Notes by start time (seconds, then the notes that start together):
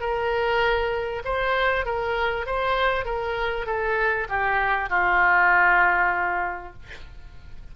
0.00 A#4
1.24 C5
1.85 A#4
2.46 C5
3.05 A#4
3.66 A4
4.29 G4
4.89 F4